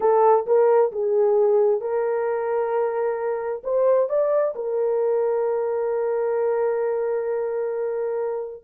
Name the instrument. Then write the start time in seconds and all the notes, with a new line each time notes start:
horn
0.00 A4
0.46 A#4
0.92 G#4
1.80 A#4
3.63 C5
4.09 D5
4.55 A#4